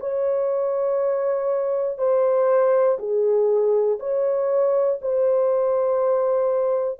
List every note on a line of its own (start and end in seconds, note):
0.00 1.98 C#5
1.98 2.98 C5
2.99 3.99 G#4
4.00 5.00 C#5
5.02 7.00 C5